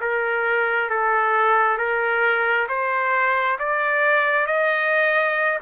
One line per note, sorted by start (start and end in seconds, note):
0.00 0.90 A#4
0.90 1.77 A4
1.77 2.67 A#4
2.68 3.58 C5
3.59 4.47 D5
4.47 5.58 D#5